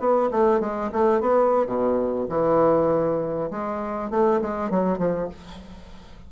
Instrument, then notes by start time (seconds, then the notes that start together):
bassoon
0.00 B3
0.31 A3
0.61 G#3
0.93 A3
1.21 B3
1.67 B2
2.29 E3
3.51 G#3
4.11 A3
4.42 G#3
4.71 F#3
4.98 F3